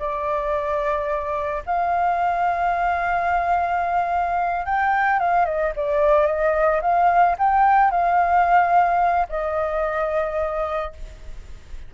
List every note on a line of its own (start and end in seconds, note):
0.00 1.64 D5
1.66 4.66 F5
4.66 5.20 G5
5.20 5.46 F5
5.46 5.73 D#5
5.76 6.27 D5
6.27 6.81 D#5
6.82 7.37 F5
7.39 7.91 G5
7.91 9.28 F5
9.30 10.93 D#5